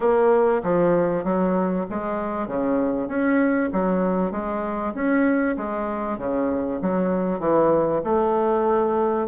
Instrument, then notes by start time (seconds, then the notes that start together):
bassoon
0.00 A#3
0.63 F3
1.23 F#3
1.90 G#3
2.47 C#3
3.08 C#4
3.72 F#3
4.31 G#3
4.94 C#4
5.56 G#3
6.18 C#3
6.81 F#3
7.39 E3
8.04 A3